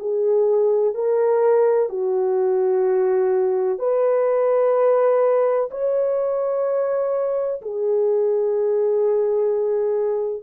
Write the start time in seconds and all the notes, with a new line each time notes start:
0.00 G#4
0.94 A#4
1.90 F#4
3.79 B4
5.71 C#5
7.62 G#4